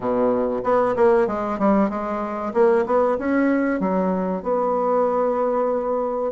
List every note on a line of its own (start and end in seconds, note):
0.00 0.62 B2
0.63 0.95 B3
0.96 1.27 A#3
1.27 1.58 G#3
1.58 1.89 G3
1.89 2.52 G#3
2.53 2.85 A#3
2.86 3.18 B3
3.18 3.80 C#4
3.80 4.42 F#3
4.42 6.32 B3